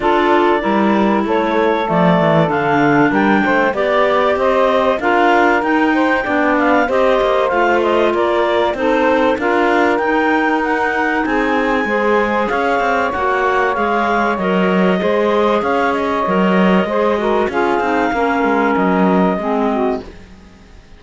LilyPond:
<<
  \new Staff \with { instrumentName = "clarinet" } { \time 4/4 \tempo 4 = 96 d''2 cis''4 d''4 | f''4 g''4 d''4 dis''4 | f''4 g''4. f''8 dis''4 | f''8 dis''8 d''4 c''4 f''4 |
g''4 fis''4 gis''2 | f''4 fis''4 f''4 dis''4~ | dis''4 f''8 dis''2~ dis''8 | f''2 dis''2 | }
  \new Staff \with { instrumentName = "saxophone" } { \time 4/4 a'4 ais'4 a'2~ | a'4 ais'8 c''8 d''4 c''4 | ais'4. c''8 d''4 c''4~ | c''4 ais'4 a'4 ais'4~ |
ais'2 gis'4 c''4 | cis''1 | c''4 cis''2 c''8 ais'8 | gis'4 ais'2 gis'8 fis'8 | }
  \new Staff \with { instrumentName = "clarinet" } { \time 4/4 f'4 e'2 a4 | d'2 g'2 | f'4 dis'4 d'4 g'4 | f'2 dis'4 f'4 |
dis'2. gis'4~ | gis'4 fis'4 gis'4 ais'4 | gis'2 ais'4 gis'8 fis'8 | f'8 dis'8 cis'2 c'4 | }
  \new Staff \with { instrumentName = "cello" } { \time 4/4 d'4 g4 a4 f8 e8 | d4 g8 a8 b4 c'4 | d'4 dis'4 b4 c'8 ais8 | a4 ais4 c'4 d'4 |
dis'2 c'4 gis4 | cis'8 c'8 ais4 gis4 fis4 | gis4 cis'4 fis4 gis4 | cis'8 c'8 ais8 gis8 fis4 gis4 | }
>>